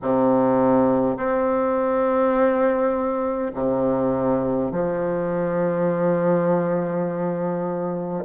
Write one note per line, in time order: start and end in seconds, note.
0.02 1.17 C3
1.17 3.52 C4
3.53 4.71 C3
4.71 8.24 F3